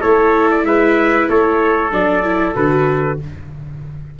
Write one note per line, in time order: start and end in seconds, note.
0.00 0.64 A3
0.00 1.91 E4
0.00 0.63 A4
0.00 0.48 C#5
0.51 0.65 D5
0.64 1.27 G#3
0.64 1.30 B4
0.64 1.28 E5
1.29 1.91 A3
1.29 3.19 A4
1.29 1.92 C#5
1.91 2.55 F#3
1.91 2.23 D4
1.91 2.55 D5
2.23 2.54 E4
2.54 3.19 D3
2.54 3.18 F#4
2.54 3.18 B4